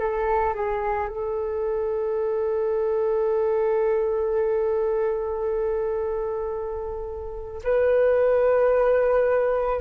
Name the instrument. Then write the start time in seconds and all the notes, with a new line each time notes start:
flute
0.00 A4
0.54 G#4
1.08 A4
7.64 B4